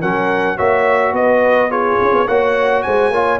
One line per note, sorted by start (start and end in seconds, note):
0.00 0.59 F#3
0.00 0.58 C#4
0.00 0.56 A#4
0.00 0.58 F#5
0.56 1.13 A#3
0.56 1.70 F#4
0.56 1.13 C#5
0.56 1.14 E5
1.13 1.98 B3
1.13 1.71 B4
1.13 1.71 D#5
1.70 2.27 F4
1.70 2.27 G#4
1.70 2.28 C#5
2.01 2.12 C#4
2.12 2.26 B3
2.27 2.84 A#3
2.27 3.13 F#4
2.27 2.84 C#5
2.27 2.82 F#5
2.82 3.10 G#3
2.82 3.12 C5
2.82 3.39 G#5
3.10 3.38 A#3
3.10 3.39 F4
3.10 3.39 C#5